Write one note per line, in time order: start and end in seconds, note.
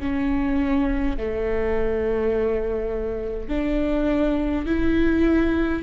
0.00 1.18 C#4
1.18 3.49 A3
3.49 4.66 D4
4.66 5.83 E4